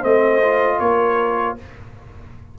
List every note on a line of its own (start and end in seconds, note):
0.00 0.80 A3
0.00 0.42 C4
0.00 0.77 C5
0.00 0.79 D#5
0.42 1.58 F4
0.79 1.57 A#3
0.79 1.58 A#4
0.79 1.56 C#5